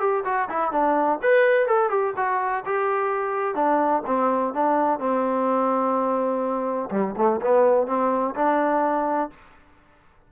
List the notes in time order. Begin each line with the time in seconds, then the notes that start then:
0.00 G4
0.25 F#4
0.50 E4
0.72 D4
1.22 B4
1.67 A4
1.90 G4
2.16 F#4
2.65 G4
3.55 D4
4.06 C4
4.54 D4
4.99 C4
6.91 G3
7.17 A3
7.41 B3
7.87 C4
8.35 D4